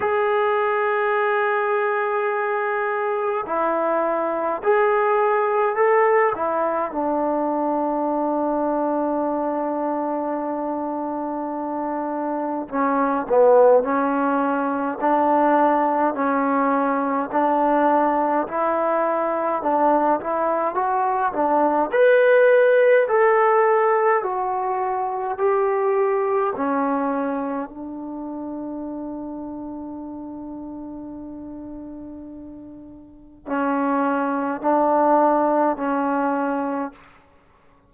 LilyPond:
\new Staff \with { instrumentName = "trombone" } { \time 4/4 \tempo 4 = 52 gis'2. e'4 | gis'4 a'8 e'8 d'2~ | d'2. cis'8 b8 | cis'4 d'4 cis'4 d'4 |
e'4 d'8 e'8 fis'8 d'8 b'4 | a'4 fis'4 g'4 cis'4 | d'1~ | d'4 cis'4 d'4 cis'4 | }